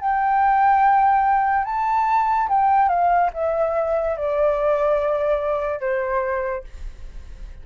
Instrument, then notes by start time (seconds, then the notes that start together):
flute
0.00 G5
1.65 A5
2.49 G5
2.89 F5
3.33 E5
4.17 D5
5.81 C5